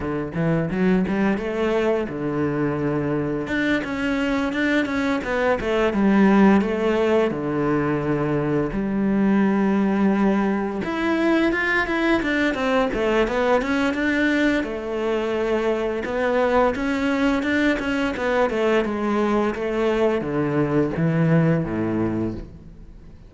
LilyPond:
\new Staff \with { instrumentName = "cello" } { \time 4/4 \tempo 4 = 86 d8 e8 fis8 g8 a4 d4~ | d4 d'8 cis'4 d'8 cis'8 b8 | a8 g4 a4 d4.~ | d8 g2. e'8~ |
e'8 f'8 e'8 d'8 c'8 a8 b8 cis'8 | d'4 a2 b4 | cis'4 d'8 cis'8 b8 a8 gis4 | a4 d4 e4 a,4 | }